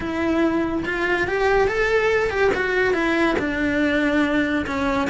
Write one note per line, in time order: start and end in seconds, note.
0.00 0.84 E4
0.85 1.27 F4
1.27 1.67 G4
1.67 2.30 A4
2.30 2.51 G4
2.54 2.93 F#4
2.93 3.36 E4
3.38 4.65 D4
4.66 5.08 C#4